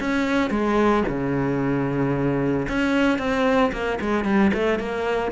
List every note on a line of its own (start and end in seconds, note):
0.00 0.50 C#4
0.50 1.04 G#3
1.08 2.67 C#3
2.68 3.19 C#4
3.19 3.72 C4
3.72 3.99 A#3
4.01 4.25 G#3
4.25 4.51 G3
4.53 4.79 A3
4.79 5.32 A#3